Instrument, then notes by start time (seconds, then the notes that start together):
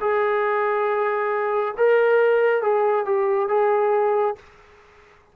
trombone
0.00 G#4
1.77 A#4
2.62 G#4
3.05 G4
3.48 G#4